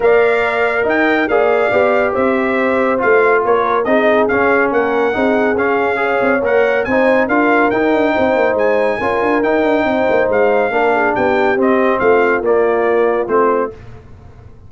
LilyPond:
<<
  \new Staff \with { instrumentName = "trumpet" } { \time 4/4 \tempo 4 = 140 f''2 g''4 f''4~ | f''4 e''2 f''4 | cis''4 dis''4 f''4 fis''4~ | fis''4 f''2 fis''4 |
gis''4 f''4 g''2 | gis''2 g''2 | f''2 g''4 dis''4 | f''4 d''2 c''4 | }
  \new Staff \with { instrumentName = "horn" } { \time 4/4 d''2 dis''4 d''4~ | d''4 c''2. | ais'4 gis'2 ais'4 | gis'2 cis''2 |
c''4 ais'2 c''4~ | c''4 ais'2 c''4~ | c''4 ais'8 gis'8 g'2 | f'1 | }
  \new Staff \with { instrumentName = "trombone" } { \time 4/4 ais'2. gis'4 | g'2. f'4~ | f'4 dis'4 cis'2 | dis'4 cis'4 gis'4 ais'4 |
dis'4 f'4 dis'2~ | dis'4 f'4 dis'2~ | dis'4 d'2 c'4~ | c'4 ais2 c'4 | }
  \new Staff \with { instrumentName = "tuba" } { \time 4/4 ais2 dis'4 ais4 | b4 c'2 a4 | ais4 c'4 cis'4 ais4 | c'4 cis'4. c'8 ais4 |
c'4 d'4 dis'8 d'8 c'8 ais8 | gis4 cis'8 d'8 dis'8 d'8 c'8 ais8 | gis4 ais4 b4 c'4 | a4 ais2 a4 | }
>>